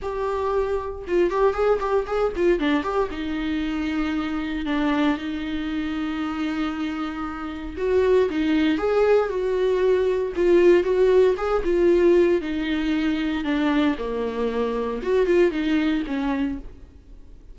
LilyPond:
\new Staff \with { instrumentName = "viola" } { \time 4/4 \tempo 4 = 116 g'2 f'8 g'8 gis'8 g'8 | gis'8 f'8 d'8 g'8 dis'2~ | dis'4 d'4 dis'2~ | dis'2. fis'4 |
dis'4 gis'4 fis'2 | f'4 fis'4 gis'8 f'4. | dis'2 d'4 ais4~ | ais4 fis'8 f'8 dis'4 cis'4 | }